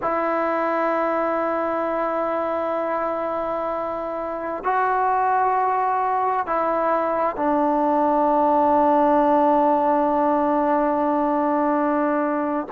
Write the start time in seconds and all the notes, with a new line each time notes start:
0.02 E4
4.63 F#4
6.46 E4
7.36 D4